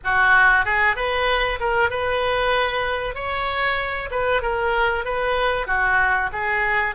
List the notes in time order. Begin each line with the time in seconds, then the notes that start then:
0.04 F#4
0.65 G#4
0.96 B4
1.60 A#4
1.89 B4
3.14 C#5
4.11 B4
4.42 A#4
5.04 B4
5.67 F#4
6.32 G#4